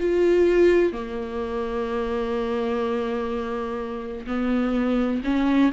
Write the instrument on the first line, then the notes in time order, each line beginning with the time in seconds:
viola
0.00 F4
0.93 A#3
4.27 B3
5.25 C#4